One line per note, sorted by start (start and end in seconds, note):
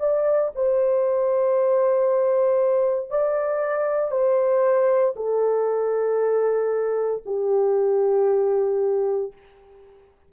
0.00 0.52 D5
0.55 3.10 C5
3.10 4.11 D5
4.11 5.15 C5
5.16 7.23 A4
7.26 9.33 G4